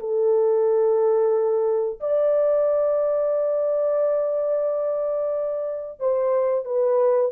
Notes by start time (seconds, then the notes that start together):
0.00 A4
2.01 D5
6.00 C5
6.65 B4